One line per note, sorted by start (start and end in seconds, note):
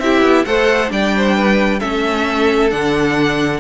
0.00 0.22 C4
0.00 0.47 E4
0.00 0.47 G4
0.00 0.46 E5
0.22 0.45 B3
0.46 0.91 A3
0.46 0.89 A4
0.46 0.92 C5
0.46 0.91 F#5
0.89 1.81 G3
0.89 1.79 D4
0.89 1.16 D5
0.89 1.80 G5
1.17 1.36 C5
1.36 1.80 B4
1.80 2.73 A3
1.80 2.70 C#4
1.80 3.60 A4
1.80 2.70 E5
2.70 3.60 D3
2.70 3.60 D4
2.70 3.60 F#5